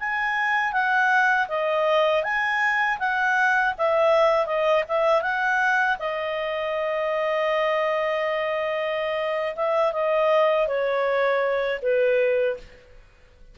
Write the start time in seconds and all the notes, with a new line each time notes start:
0.00 G#5
0.73 F#5
1.49 D#5
2.24 G#5
2.99 F#5
3.78 E5
4.47 D#5
4.89 E5
5.22 F#5
5.99 D#5
9.56 E5
9.93 D#5
10.68 C#5
11.82 B4